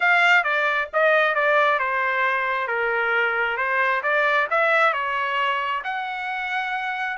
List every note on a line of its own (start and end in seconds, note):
0.00 0.43 F5
0.43 0.88 D5
0.93 1.34 D#5
1.34 1.79 D5
1.79 2.67 C5
2.67 3.57 A#4
3.57 4.01 C5
4.02 4.47 D5
4.50 4.93 E5
4.93 5.82 C#5
5.84 7.17 F#5